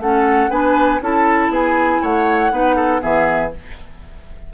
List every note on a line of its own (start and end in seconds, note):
0.00 0.50 A3
0.00 0.51 C#4
0.00 0.51 A4
0.00 0.51 F#5
0.51 1.01 B3
0.51 1.01 D4
0.51 1.01 B4
0.51 1.01 G#5
1.02 1.50 C#4
1.02 2.52 E4
1.02 1.52 A4
1.02 1.54 A5
1.50 2.00 B3
1.50 2.02 G#4
1.50 2.04 G#5
2.02 2.52 A3
2.02 2.52 C#5
2.02 3.02 F#5
2.52 3.02 B3
2.52 3.01 D#4
2.52 2.76 B4
2.76 3.01 A4
3.01 3.54 E3
3.01 3.51 B3
3.01 3.52 G#4
3.01 3.52 E5